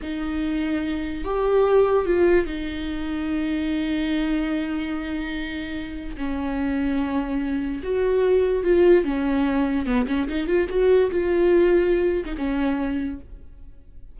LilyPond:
\new Staff \with { instrumentName = "viola" } { \time 4/4 \tempo 4 = 146 dis'2. g'4~ | g'4 f'4 dis'2~ | dis'1~ | dis'2. cis'4~ |
cis'2. fis'4~ | fis'4 f'4 cis'2 | b8 cis'8 dis'8 f'8 fis'4 f'4~ | f'4.~ f'16 dis'16 cis'2 | }